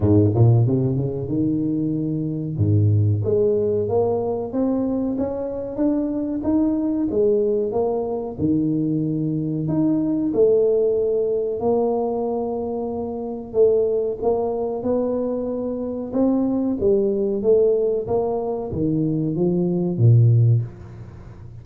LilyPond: \new Staff \with { instrumentName = "tuba" } { \time 4/4 \tempo 4 = 93 gis,8 ais,8 c8 cis8 dis2 | gis,4 gis4 ais4 c'4 | cis'4 d'4 dis'4 gis4 | ais4 dis2 dis'4 |
a2 ais2~ | ais4 a4 ais4 b4~ | b4 c'4 g4 a4 | ais4 dis4 f4 ais,4 | }